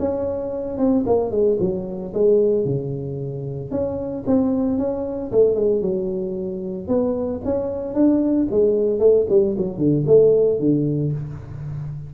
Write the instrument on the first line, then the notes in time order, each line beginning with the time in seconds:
tuba
0.00 C#4
0.78 C4
1.07 A#3
1.32 G#3
1.60 F#3
2.14 G#3
2.66 C#3
3.71 C#4
4.27 C4
4.79 C#4
5.32 A3
5.56 G#3
5.82 F#3
6.88 B3
7.45 C#4
7.95 D4
8.51 G#3
9.00 A3
9.30 G3
9.58 F#3
9.78 D3
10.07 A3
10.60 D3